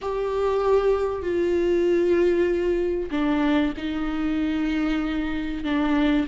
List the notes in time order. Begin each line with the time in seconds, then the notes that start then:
0.01 G4
1.22 F4
3.11 D4
3.77 D#4
5.63 D4